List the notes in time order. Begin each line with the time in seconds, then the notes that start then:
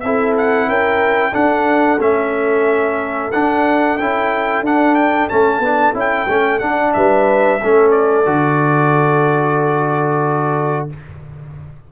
0.00 C4 E4 A4 E5
0.37 F#5
0.68 C#4 A#4 G5
1.32 D4 A4 F#5
2.00 A3 C#4 E5
3.32 D4 F#5
3.98 C#4 E4 G5
4.61 D4 F#5
4.95 G5
5.29 A3 C#4 A5
5.59 B3 D4
5.94 C#4 E4 G5
6.28 A3 C#4
6.59 D4 F#5
6.93 G3 B4 E5
7.62 A3 C#4 A4
7.91 D5
8.26 D3 F#4